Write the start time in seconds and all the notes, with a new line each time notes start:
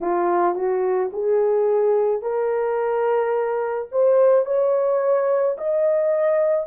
0.00 F4
0.55 F#4
1.12 G#4
2.22 A#4
3.91 C5
4.45 C#5
5.57 D#5